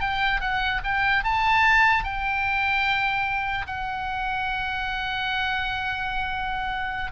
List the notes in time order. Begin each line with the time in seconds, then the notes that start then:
0.00 G5
0.41 F#5
0.84 G5
1.23 A5
2.04 G5
3.67 F#5